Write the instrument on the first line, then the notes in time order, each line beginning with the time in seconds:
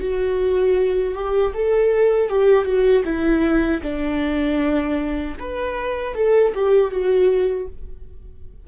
viola
0.00 F#4
1.14 G4
1.54 A4
2.29 G4
2.64 F#4
3.04 E4
3.82 D4
5.39 B4
6.14 A4
6.54 G4
6.91 F#4